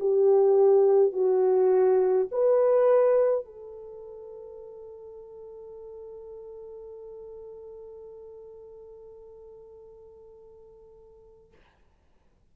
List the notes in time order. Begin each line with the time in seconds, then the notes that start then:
0.00 G4
1.13 F#4
2.32 B4
3.45 A4